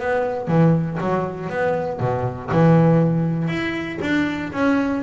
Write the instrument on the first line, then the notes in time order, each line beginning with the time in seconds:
double bass
0.00 B3
0.48 E3
1.01 F#3
1.50 B3
2.00 B2
2.52 E3
3.49 E4
4.02 D4
4.53 C#4